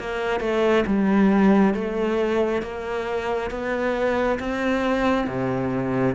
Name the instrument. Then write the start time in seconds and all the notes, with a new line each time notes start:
cello
0.00 A#3
0.40 A3
0.87 G3
1.74 A3
2.62 A#3
3.51 B3
4.39 C4
5.27 C3